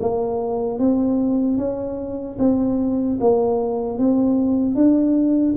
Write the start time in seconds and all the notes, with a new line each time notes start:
0.00 A#3
0.79 C4
1.57 C#4
2.39 C4
3.20 A#3
3.99 C4
4.75 D4